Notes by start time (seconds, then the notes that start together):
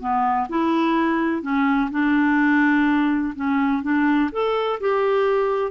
0.00 B3
0.49 E4
1.42 C#4
1.91 D4
3.36 C#4
3.83 D4
4.32 A4
4.81 G4